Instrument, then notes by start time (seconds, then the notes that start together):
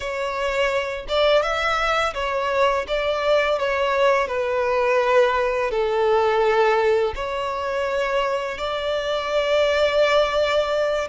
violin
0.00 C#5
1.08 D5
1.42 E5
2.14 C#5
2.87 D5
3.58 C#5
4.27 B4
5.70 A4
7.15 C#5
8.57 D5